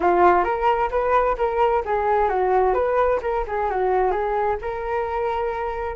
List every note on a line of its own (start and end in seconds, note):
0.00 0.44 F4
0.44 0.89 A#4
0.90 1.36 B4
1.37 1.83 A#4
1.85 2.28 G#4
2.28 2.74 F#4
2.74 3.20 B4
3.22 3.45 A#4
3.47 3.70 G#4
3.70 4.11 F#4
4.11 4.57 G#4
4.61 5.95 A#4